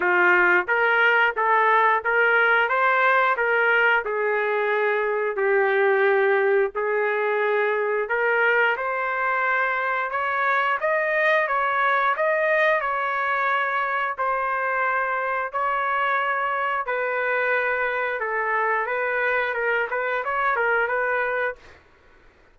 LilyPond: \new Staff \with { instrumentName = "trumpet" } { \time 4/4 \tempo 4 = 89 f'4 ais'4 a'4 ais'4 | c''4 ais'4 gis'2 | g'2 gis'2 | ais'4 c''2 cis''4 |
dis''4 cis''4 dis''4 cis''4~ | cis''4 c''2 cis''4~ | cis''4 b'2 a'4 | b'4 ais'8 b'8 cis''8 ais'8 b'4 | }